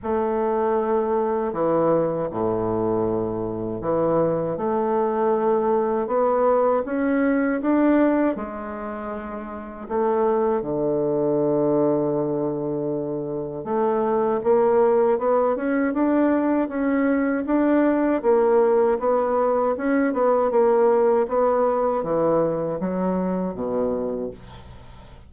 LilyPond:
\new Staff \with { instrumentName = "bassoon" } { \time 4/4 \tempo 4 = 79 a2 e4 a,4~ | a,4 e4 a2 | b4 cis'4 d'4 gis4~ | gis4 a4 d2~ |
d2 a4 ais4 | b8 cis'8 d'4 cis'4 d'4 | ais4 b4 cis'8 b8 ais4 | b4 e4 fis4 b,4 | }